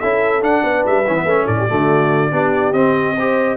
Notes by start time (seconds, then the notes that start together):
0.00 C#4 E4 A4 E5
0.41 D4 F#5
0.63 B3 B4
0.86 G3 E5
1.07 E3 C#4
1.16 B3
1.25 A3 C#4
1.46 A2 A4 D5
1.59 G4
1.69 D3 A3 F#4
2.31 B3 D4 G4
2.73 C4 D#5
3.15 G4 C5